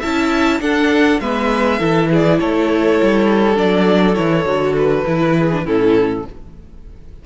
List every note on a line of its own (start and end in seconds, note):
0.00 0.61 C#4
0.00 0.62 E4
0.00 0.59 E5
0.00 0.61 A5
0.61 1.20 D4
0.61 1.21 D4
0.61 1.21 A4
0.61 1.20 F#5
1.20 1.80 G#3
1.20 1.79 B3
1.20 1.80 B4
1.20 2.10 E5
1.79 2.40 E3
1.79 3.55 E4
1.79 2.09 A4
2.11 2.40 G#4
2.11 2.39 D5
2.39 3.01 A3
2.39 5.37 A4
2.39 3.58 C#5
3.02 3.58 G3
3.55 4.17 F#3
3.55 4.14 D4
3.55 4.15 D5
4.15 4.46 E3
4.15 4.45 E4
4.15 4.74 C#5
4.46 5.05 D3
4.46 5.05 F#4
4.77 5.67 B4
5.06 5.66 E3
5.06 5.51 E4
5.37 5.64 G#4
5.52 5.66 D4
5.64 6.25 A2
5.64 6.26 C#4
5.64 6.24 E4
5.64 6.26 A4